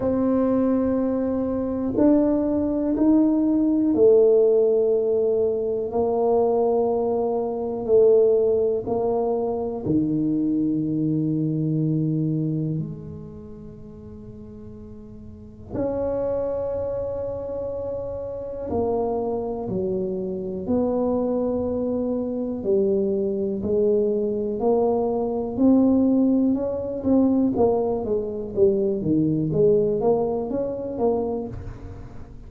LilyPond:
\new Staff \with { instrumentName = "tuba" } { \time 4/4 \tempo 4 = 61 c'2 d'4 dis'4 | a2 ais2 | a4 ais4 dis2~ | dis4 gis2. |
cis'2. ais4 | fis4 b2 g4 | gis4 ais4 c'4 cis'8 c'8 | ais8 gis8 g8 dis8 gis8 ais8 cis'8 ais8 | }